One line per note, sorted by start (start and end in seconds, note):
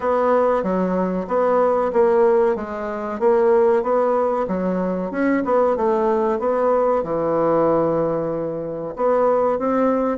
0.00 0.63 B3
0.63 1.26 F#3
1.27 1.91 B3
1.93 2.55 A#3
2.55 3.19 G#3
3.19 3.82 A#3
3.82 4.46 B3
4.47 5.11 F#3
5.11 5.43 C#4
5.44 5.76 B3
5.76 6.39 A3
6.39 7.03 B3
7.03 8.94 E3
8.96 9.58 B3
9.58 10.18 C4